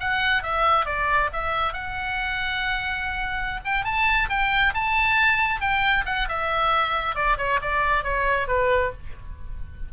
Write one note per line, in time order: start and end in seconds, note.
0.00 0.43 F#5
0.43 0.86 E5
0.86 1.30 D5
1.33 1.73 E5
1.73 3.60 F#5
3.65 3.84 G5
3.84 4.29 A5
4.29 4.73 G5
4.74 5.60 A5
5.60 6.05 G5
6.06 6.28 F#5
6.28 7.15 E5
7.15 7.37 D5
7.38 7.60 C#5
7.61 8.04 D5
8.04 8.47 C#5
8.47 8.91 B4